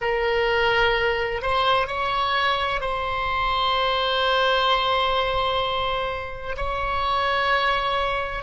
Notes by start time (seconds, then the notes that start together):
0.01 A#4
1.41 C5
1.87 C#5
2.80 C5
6.56 C#5